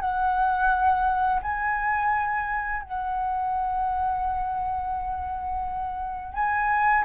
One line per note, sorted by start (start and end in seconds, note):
0.00 1.41 F#5
1.42 2.82 G#5
2.82 6.34 F#5
6.34 7.04 G#5